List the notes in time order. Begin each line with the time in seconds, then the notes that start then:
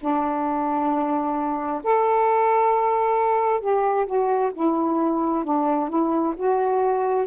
0.00 D4
1.83 A4
3.60 G4
4.05 F#4
4.53 E4
5.44 D4
5.89 E4
6.36 F#4